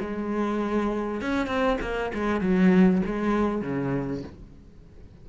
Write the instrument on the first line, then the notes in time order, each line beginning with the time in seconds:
cello
0.00 G#3
1.21 C#4
1.46 C4
1.81 A#3
2.14 G#3
2.40 F#3
3.05 G#3
3.61 C#3